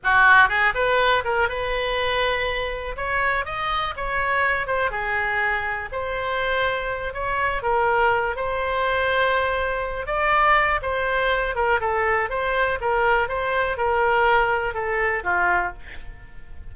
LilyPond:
\new Staff \with { instrumentName = "oboe" } { \time 4/4 \tempo 4 = 122 fis'4 gis'8 b'4 ais'8 b'4~ | b'2 cis''4 dis''4 | cis''4. c''8 gis'2 | c''2~ c''8 cis''4 ais'8~ |
ais'4 c''2.~ | c''8 d''4. c''4. ais'8 | a'4 c''4 ais'4 c''4 | ais'2 a'4 f'4 | }